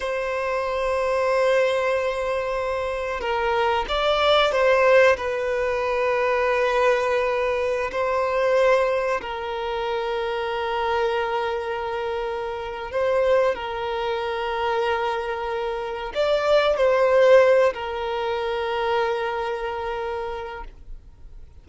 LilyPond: \new Staff \with { instrumentName = "violin" } { \time 4/4 \tempo 4 = 93 c''1~ | c''4 ais'4 d''4 c''4 | b'1~ | b'16 c''2 ais'4.~ ais'16~ |
ais'1 | c''4 ais'2.~ | ais'4 d''4 c''4. ais'8~ | ais'1 | }